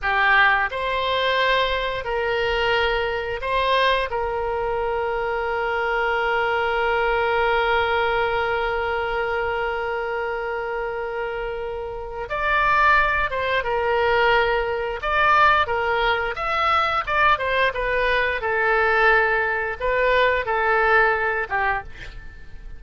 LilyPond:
\new Staff \with { instrumentName = "oboe" } { \time 4/4 \tempo 4 = 88 g'4 c''2 ais'4~ | ais'4 c''4 ais'2~ | ais'1~ | ais'1~ |
ais'2 d''4. c''8 | ais'2 d''4 ais'4 | e''4 d''8 c''8 b'4 a'4~ | a'4 b'4 a'4. g'8 | }